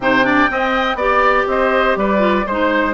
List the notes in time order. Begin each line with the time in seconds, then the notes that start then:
0.00 C3 D#4 C5 G5
0.23 D4 D5
0.49 C4 D#5
0.94 B3 G4 D5
1.47 C4 C5 D#5
1.96 G3 B4 D5
2.18 F4
2.46 G#3 D#4 C5